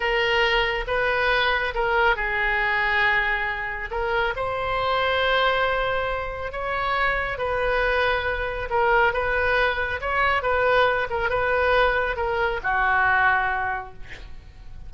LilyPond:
\new Staff \with { instrumentName = "oboe" } { \time 4/4 \tempo 4 = 138 ais'2 b'2 | ais'4 gis'2.~ | gis'4 ais'4 c''2~ | c''2. cis''4~ |
cis''4 b'2. | ais'4 b'2 cis''4 | b'4. ais'8 b'2 | ais'4 fis'2. | }